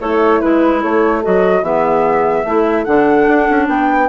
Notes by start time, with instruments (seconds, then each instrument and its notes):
0.00 bassoon A3, horn E4, clarinet A4, flute C#5
0.41 bassoon G#3, clarinet E4, flute B4
0.81 bassoon A3, horn A4, flute C#5
1.23 bassoon F#3, clarinet F#4, flute D#5
1.62 bassoon E3, clarinet B3, horn G#4, flute E5
2.45 bassoon A3, clarinet E4, horn A4
2.85 bassoon D3, clarinet D4, flute F#5
3.28 bassoon D4
3.50 bassoon C#4
3.68 bassoon B3, horn B4, flute G5